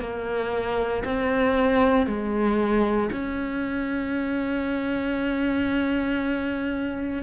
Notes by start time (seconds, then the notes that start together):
0.00 A#3
1.04 C4
2.06 G#3
3.11 C#4